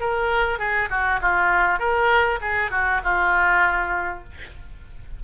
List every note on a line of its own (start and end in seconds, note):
0.00 0.59 A#4
0.59 0.89 G#4
0.90 1.20 F#4
1.21 1.79 F4
1.79 2.39 A#4
2.41 2.71 G#4
2.71 3.01 F#4
3.03 4.23 F4